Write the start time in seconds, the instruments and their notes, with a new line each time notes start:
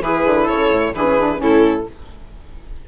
0.00 bassoon E3, saxophone E4, viola G#4, violin B4
0.25 bassoon D3
0.43 viola A4, violin C#5
0.50 bassoon C#3
0.69 bassoon A2
0.94 bassoon E3, saxophone D4, viola G#4, violin B4
1.04 saxophone C#4
1.17 saxophone D4
1.36 bassoon A2, saxophone C#4, viola E4, violin A4